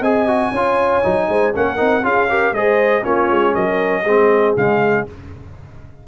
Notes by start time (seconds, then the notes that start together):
0.00 C4 G#4 D#5 G#5
0.27 F#4
0.51 C#4 F4 C#5
1.03 F#3 D#4
1.28 G#3 C5
1.54 A#3 C#4 A#4 F#5
1.76 C4 D#4
2.03 C#4 F4 G#4 F5
2.29 G4 A#4
2.52 G#3 G#4 C5 D#5
3.02 A#3 C#4 F4 C#5
3.30 G#3
3.54 F#3 A#4 D#5
4.01 G#3 G#4
4.08 C4
4.56 C#3 G#3 F5